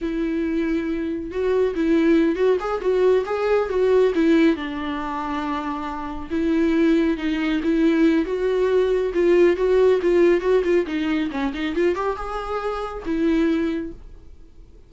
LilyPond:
\new Staff \with { instrumentName = "viola" } { \time 4/4 \tempo 4 = 138 e'2. fis'4 | e'4. fis'8 gis'8 fis'4 gis'8~ | gis'8 fis'4 e'4 d'4.~ | d'2~ d'8 e'4.~ |
e'8 dis'4 e'4. fis'4~ | fis'4 f'4 fis'4 f'4 | fis'8 f'8 dis'4 cis'8 dis'8 f'8 g'8 | gis'2 e'2 | }